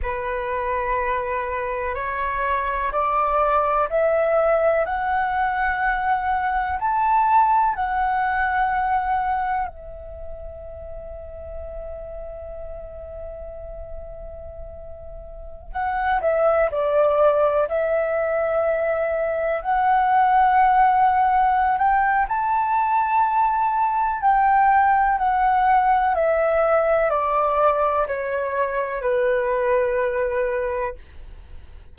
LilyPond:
\new Staff \with { instrumentName = "flute" } { \time 4/4 \tempo 4 = 62 b'2 cis''4 d''4 | e''4 fis''2 a''4 | fis''2 e''2~ | e''1~ |
e''16 fis''8 e''8 d''4 e''4.~ e''16~ | e''16 fis''2~ fis''16 g''8 a''4~ | a''4 g''4 fis''4 e''4 | d''4 cis''4 b'2 | }